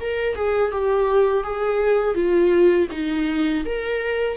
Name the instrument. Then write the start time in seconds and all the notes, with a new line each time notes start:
viola
0.00 A#4
0.35 G#4
0.71 G4
1.43 G#4
2.14 F4
2.91 D#4
3.65 A#4